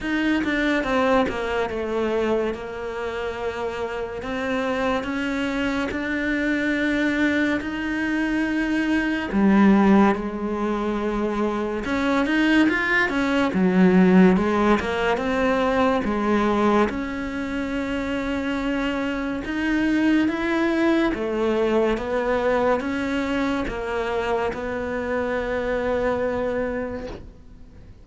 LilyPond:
\new Staff \with { instrumentName = "cello" } { \time 4/4 \tempo 4 = 71 dis'8 d'8 c'8 ais8 a4 ais4~ | ais4 c'4 cis'4 d'4~ | d'4 dis'2 g4 | gis2 cis'8 dis'8 f'8 cis'8 |
fis4 gis8 ais8 c'4 gis4 | cis'2. dis'4 | e'4 a4 b4 cis'4 | ais4 b2. | }